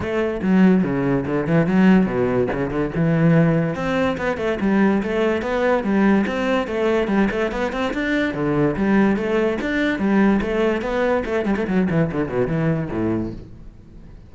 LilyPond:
\new Staff \with { instrumentName = "cello" } { \time 4/4 \tempo 4 = 144 a4 fis4 cis4 d8 e8 | fis4 b,4 cis8 d8 e4~ | e4 c'4 b8 a8 g4 | a4 b4 g4 c'4 |
a4 g8 a8 b8 c'8 d'4 | d4 g4 a4 d'4 | g4 a4 b4 a8 g16 a16 | fis8 e8 d8 b,8 e4 a,4 | }